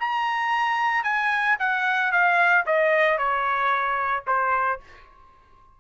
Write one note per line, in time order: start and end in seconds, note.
0.00 1.04 A#5
1.04 1.57 G#5
1.59 2.12 F#5
2.12 2.65 F5
2.66 3.18 D#5
3.18 4.24 C#5
4.27 4.80 C5